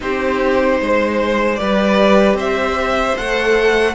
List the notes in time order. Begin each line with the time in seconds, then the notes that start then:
0.00 C4 D#4 G4 C5
0.80 G#3 C5
1.55 G3 G4 B4 D5
2.34 C4 C5 E5
3.17 A3 A4 F#5